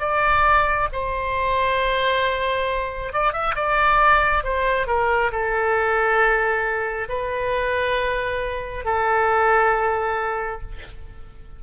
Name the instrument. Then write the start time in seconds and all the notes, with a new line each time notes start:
oboe
0.00 D5
0.93 C5
3.13 D5
3.33 E5
3.55 D5
4.44 C5
4.87 A#4
5.31 A4
7.09 B4
8.85 A4